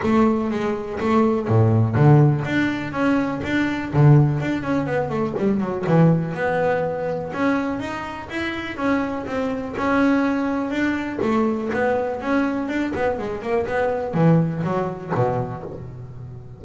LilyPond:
\new Staff \with { instrumentName = "double bass" } { \time 4/4 \tempo 4 = 123 a4 gis4 a4 a,4 | d4 d'4 cis'4 d'4 | d4 d'8 cis'8 b8 a8 g8 fis8 | e4 b2 cis'4 |
dis'4 e'4 cis'4 c'4 | cis'2 d'4 a4 | b4 cis'4 d'8 b8 gis8 ais8 | b4 e4 fis4 b,4 | }